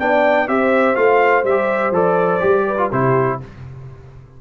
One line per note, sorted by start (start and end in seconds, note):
0.00 0.48 B3
0.00 0.48 D4
0.00 0.48 D5
0.00 0.48 G5
0.48 0.96 C4
0.48 0.96 G4
0.48 2.66 C5
0.48 0.96 E5
0.96 1.44 A3
0.96 1.44 F4
0.96 1.44 F5
1.44 1.91 G3
1.44 1.94 E5
1.51 1.94 G4
1.91 2.39 F3
1.91 2.40 A4
1.91 2.92 D5
2.40 2.92 G3
2.40 2.77 G4
2.67 2.91 B4
2.78 2.90 F4
2.91 3.40 C3
2.91 3.41 E4
2.91 3.39 G4
2.91 3.40 C5